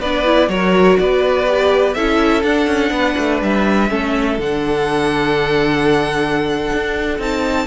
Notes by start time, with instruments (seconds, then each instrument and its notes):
0.00 cello B3, viola D4, violin B4 D5
0.25 viola E4
0.48 cello F#3, viola F#4, violin A#4 C#5
0.99 cello B3, violin B4 D5
1.46 viola G4
1.94 cello C#4, viola E4, violin A4 E5
2.43 cello D4, viola D4, violin F#5
2.67 cello C#4
2.91 cello B3, violin B4
3.17 cello A3
3.41 cello G3, violin E5
3.89 cello A3, viola C#4, violin A4
4.38 cello D3, viola D4, violin F#5
6.73 cello D4
7.18 cello C4, viola D#4, violin A5